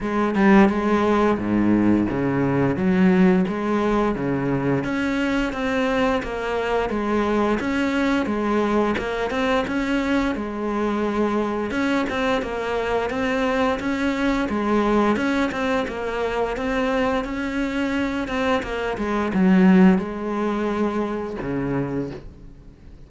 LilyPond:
\new Staff \with { instrumentName = "cello" } { \time 4/4 \tempo 4 = 87 gis8 g8 gis4 gis,4 cis4 | fis4 gis4 cis4 cis'4 | c'4 ais4 gis4 cis'4 | gis4 ais8 c'8 cis'4 gis4~ |
gis4 cis'8 c'8 ais4 c'4 | cis'4 gis4 cis'8 c'8 ais4 | c'4 cis'4. c'8 ais8 gis8 | fis4 gis2 cis4 | }